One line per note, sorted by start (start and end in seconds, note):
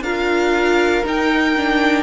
0.00 1.02 D4
0.00 1.04 F4
0.00 2.03 A#4
0.00 1.04 F5
1.04 1.55 D#4
1.04 2.03 D#4
1.04 2.03 G5
1.56 2.03 D4